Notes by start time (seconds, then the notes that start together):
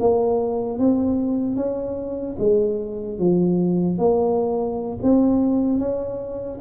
0.00 A#3
0.79 C4
1.56 C#4
2.39 G#3
3.19 F3
3.98 A#3
5.03 C4
5.79 C#4